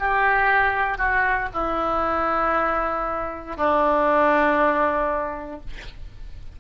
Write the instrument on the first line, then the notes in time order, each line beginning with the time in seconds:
oboe
0.00 G4
0.98 F#4
1.53 E4
3.57 D4